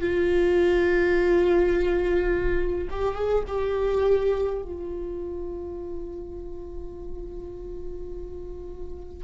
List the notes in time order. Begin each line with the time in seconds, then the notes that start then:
0.00 F4
2.90 G4
3.15 G#4
3.47 G4
4.63 F4